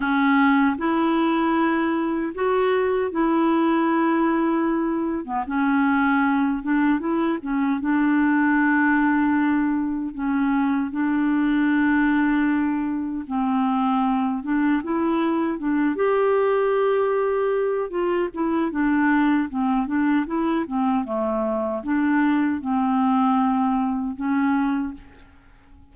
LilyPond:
\new Staff \with { instrumentName = "clarinet" } { \time 4/4 \tempo 4 = 77 cis'4 e'2 fis'4 | e'2~ e'8. b16 cis'4~ | cis'8 d'8 e'8 cis'8 d'2~ | d'4 cis'4 d'2~ |
d'4 c'4. d'8 e'4 | d'8 g'2~ g'8 f'8 e'8 | d'4 c'8 d'8 e'8 c'8 a4 | d'4 c'2 cis'4 | }